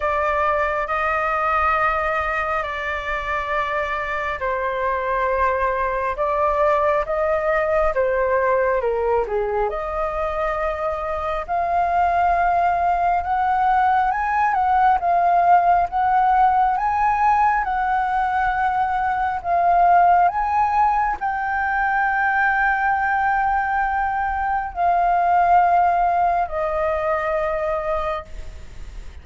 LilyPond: \new Staff \with { instrumentName = "flute" } { \time 4/4 \tempo 4 = 68 d''4 dis''2 d''4~ | d''4 c''2 d''4 | dis''4 c''4 ais'8 gis'8 dis''4~ | dis''4 f''2 fis''4 |
gis''8 fis''8 f''4 fis''4 gis''4 | fis''2 f''4 gis''4 | g''1 | f''2 dis''2 | }